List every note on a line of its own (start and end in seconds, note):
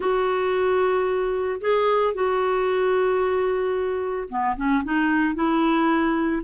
0.00 1.60 F#4
1.60 2.14 G#4
2.14 4.28 F#4
4.29 4.56 B3
4.56 4.83 C#4
4.84 5.34 D#4
5.34 6.42 E4